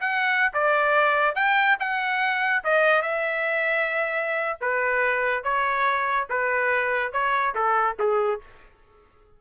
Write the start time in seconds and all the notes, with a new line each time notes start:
0.00 F#5
0.54 D5
1.35 G5
1.80 F#5
2.64 D#5
3.02 E5
4.61 B4
5.44 C#5
6.30 B4
7.13 C#5
7.55 A4
7.99 G#4